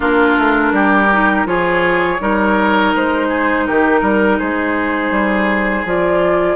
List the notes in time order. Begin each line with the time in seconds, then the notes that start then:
0.00 A#3 D4 F4 A#4
0.37 A3
0.72 G3 G4
1.11 D#4
1.45 F3 F4 G#4 C#5
2.19 G3 D#4 A#4
2.95 G#3 C5
3.28 G#4
3.66 D#3 G4 A#4
4.00 G3 A#4
4.39 G#3 G#4 C5
5.10 G3
5.84 F3 F4 D5